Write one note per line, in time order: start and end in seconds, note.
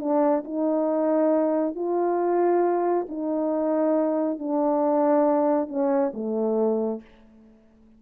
0.00 0.44 D4
0.45 1.76 D#4
1.76 3.07 F4
3.09 4.39 D#4
4.39 5.69 D4
5.69 6.12 C#4
6.14 7.01 A3